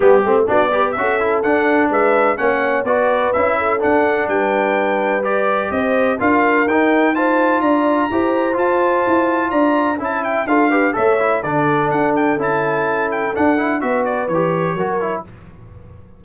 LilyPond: <<
  \new Staff \with { instrumentName = "trumpet" } { \time 4/4 \tempo 4 = 126 g'4 d''4 e''4 fis''4 | e''4 fis''4 d''4 e''4 | fis''4 g''2 d''4 | dis''4 f''4 g''4 a''4 |
ais''2 a''2 | ais''4 a''8 g''8 f''4 e''4 | d''4 fis''8 g''8 a''4. g''8 | fis''4 e''8 d''8 cis''2 | }
  \new Staff \with { instrumentName = "horn" } { \time 4/4 g'4 fis'8 b'8 a'2 | b'4 cis''4 b'4. a'8~ | a'4 b'2. | c''4 ais'2 c''4 |
d''4 c''2. | d''4 e''4 a'8 b'8 cis''4 | a'1~ | a'4 b'2 ais'4 | }
  \new Staff \with { instrumentName = "trombone" } { \time 4/4 b8 c'8 d'8 g'8 fis'8 e'8 d'4~ | d'4 cis'4 fis'4 e'4 | d'2. g'4~ | g'4 f'4 dis'4 f'4~ |
f'4 g'4 f'2~ | f'4 e'4 f'8 g'8 a'8 e'8 | d'2 e'2 | d'8 e'8 fis'4 g'4 fis'8 e'8 | }
  \new Staff \with { instrumentName = "tuba" } { \time 4/4 g8 a8 b4 cis'4 d'4 | gis4 ais4 b4 cis'4 | d'4 g2. | c'4 d'4 dis'2 |
d'4 e'4 f'4 e'4 | d'4 cis'4 d'4 a4 | d4 d'4 cis'2 | d'4 b4 e4 fis4 | }
>>